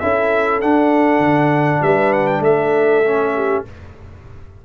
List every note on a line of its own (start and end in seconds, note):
0.00 0.62 C#4
0.00 0.62 E4
0.00 1.82 A4
0.00 0.61 E5
0.61 1.20 D4
0.61 3.05 D4
0.61 1.82 F#5
1.20 1.80 D3
1.82 2.40 G3
1.82 2.43 B4
1.82 2.13 E5
2.13 2.27 F#5
2.27 2.42 G5
2.40 3.61 A3
2.40 3.35 A4
2.40 3.65 E5
3.05 3.66 C#4
3.35 3.66 G4